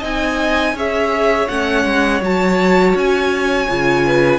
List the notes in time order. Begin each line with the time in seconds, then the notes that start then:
0.00 C4 D#4 D#5 G#5
0.74 C#4 G#4 C#5 E5
1.48 A3 C#4 F#5
1.86 G#3
2.21 F#3 F#4 A5
2.95 C#4 G#5
3.69 C#3 F4
4.06 B4